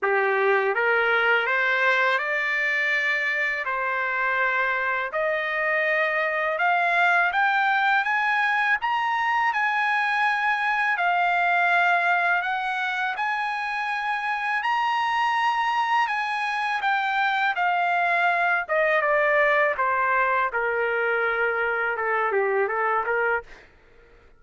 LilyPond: \new Staff \with { instrumentName = "trumpet" } { \time 4/4 \tempo 4 = 82 g'4 ais'4 c''4 d''4~ | d''4 c''2 dis''4~ | dis''4 f''4 g''4 gis''4 | ais''4 gis''2 f''4~ |
f''4 fis''4 gis''2 | ais''2 gis''4 g''4 | f''4. dis''8 d''4 c''4 | ais'2 a'8 g'8 a'8 ais'8 | }